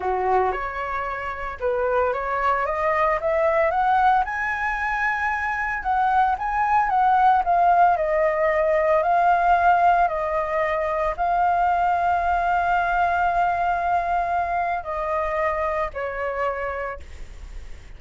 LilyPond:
\new Staff \with { instrumentName = "flute" } { \time 4/4 \tempo 4 = 113 fis'4 cis''2 b'4 | cis''4 dis''4 e''4 fis''4 | gis''2. fis''4 | gis''4 fis''4 f''4 dis''4~ |
dis''4 f''2 dis''4~ | dis''4 f''2.~ | f''1 | dis''2 cis''2 | }